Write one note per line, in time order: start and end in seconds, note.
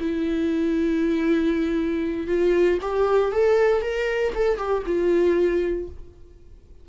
0.00 2.27 E4
2.27 2.79 F4
2.82 3.32 G4
3.32 3.82 A4
3.82 4.33 A#4
4.35 4.58 A4
4.58 4.83 G4
4.86 5.89 F4